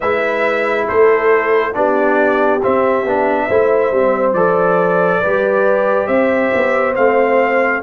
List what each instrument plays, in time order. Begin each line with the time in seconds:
0.00 tuba G#3, trombone E4, horn B4, trumpet E5
0.86 tuba A3, horn A4, trumpet C5
1.73 tuba B3, trombone D4, horn G4, trumpet D5
2.62 trombone C4, tuba C4, trumpet E5
3.04 tuba B3, trombone D4
3.47 tuba A3, trombone E4, horn C5
3.91 tuba G3, trombone C4
4.33 tuba F3, trombone A4, trumpet D5
5.20 tuba G3, trombone G4, horn B4
6.07 tuba C4, horn C5, trumpet E5
6.53 tuba B3
6.95 tuba A3, trombone C4, trumpet F5